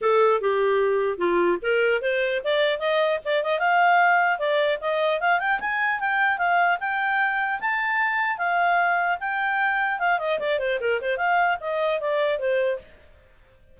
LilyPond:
\new Staff \with { instrumentName = "clarinet" } { \time 4/4 \tempo 4 = 150 a'4 g'2 f'4 | ais'4 c''4 d''4 dis''4 | d''8 dis''8 f''2 d''4 | dis''4 f''8 g''8 gis''4 g''4 |
f''4 g''2 a''4~ | a''4 f''2 g''4~ | g''4 f''8 dis''8 d''8 c''8 ais'8 c''8 | f''4 dis''4 d''4 c''4 | }